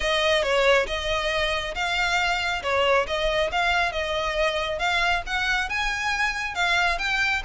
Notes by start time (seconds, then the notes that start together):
0.00 D#5
0.42 C#5
0.87 D#5
1.74 F5
2.62 C#5
3.07 D#5
3.51 F5
3.92 D#5
4.78 F5
5.26 F#5
5.69 G#5
6.55 F5
6.98 G5